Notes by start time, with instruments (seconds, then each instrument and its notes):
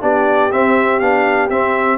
0.00 tuba B3, trombone D4, horn G4, trumpet D5
0.52 tuba C4, trombone C4, trumpet E5
0.99 tuba B3, trombone D4, trumpet F5
1.49 tuba C4, trombone C4, trumpet E5